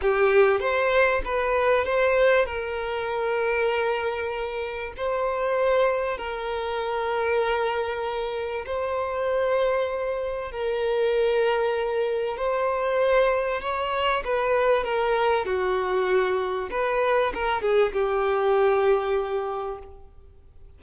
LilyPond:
\new Staff \with { instrumentName = "violin" } { \time 4/4 \tempo 4 = 97 g'4 c''4 b'4 c''4 | ais'1 | c''2 ais'2~ | ais'2 c''2~ |
c''4 ais'2. | c''2 cis''4 b'4 | ais'4 fis'2 b'4 | ais'8 gis'8 g'2. | }